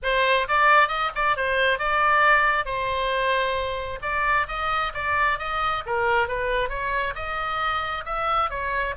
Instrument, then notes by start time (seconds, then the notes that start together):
oboe
0.02 C5
0.48 D5
0.88 D#5
1.15 D5
1.36 C5
1.78 D5
2.65 C5
4.02 D5
4.48 D#5
4.94 D5
5.38 D#5
5.85 A#4
6.27 B4
6.69 C#5
7.15 D#5
8.05 E5
8.50 C#5